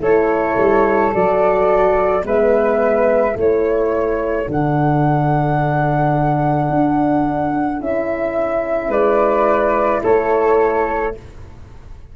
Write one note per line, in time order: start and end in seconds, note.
0.00 0.56 A3
0.00 1.12 E4
0.00 2.24 A4
0.00 1.13 C#5
0.57 1.12 G3
1.12 2.24 F#3
1.12 2.23 F#4
1.12 2.25 D5
2.23 3.35 G#3
2.23 3.34 B3
2.23 3.36 B4
2.23 3.38 E5
3.34 4.47 A3
3.34 4.45 E4
3.34 8.90 A4
3.34 4.50 C#5
4.46 6.69 D3
4.46 7.79 D4
4.46 7.81 F#5
6.69 7.80 D4
7.79 8.89 C#4
7.79 11.12 E4
7.79 8.92 E5
8.89 10.00 G#3
8.89 10.01 B4
8.89 10.03 D5
10.03 11.16 A3
10.03 11.14 A4
10.03 11.15 C#5